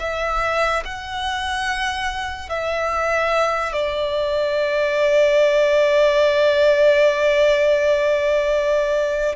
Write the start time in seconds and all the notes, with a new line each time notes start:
0.00 E5
0.85 F#5
2.49 E5
3.73 D5